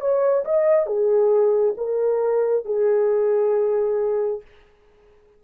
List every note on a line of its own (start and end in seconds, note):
0.00 0.44 C#5
0.45 0.86 D#5
0.86 1.74 G#4
1.77 2.65 A#4
2.65 4.41 G#4